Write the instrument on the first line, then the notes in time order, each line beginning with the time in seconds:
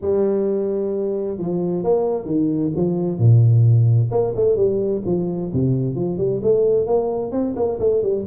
tuba
0.01 G3
1.38 F3
1.83 A#3
2.25 D#3
2.76 F3
3.18 A#2
4.11 A#3
4.35 A3
4.56 G3
5.05 F3
5.53 C3
5.95 F3
6.17 G3
6.42 A3
6.86 A#3
7.31 C4
7.56 A#3
7.79 A3
8.02 G3